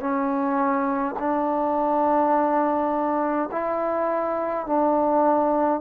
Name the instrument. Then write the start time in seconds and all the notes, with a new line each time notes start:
trombone
0.00 C#4
1.19 D4
3.52 E4
4.67 D4